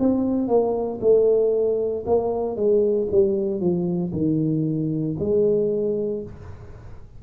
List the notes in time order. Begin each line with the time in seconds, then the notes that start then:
0.00 C4
0.48 A#3
1.02 A3
2.06 A#3
2.56 G#3
3.12 G3
3.61 F3
4.13 D#3
5.20 G#3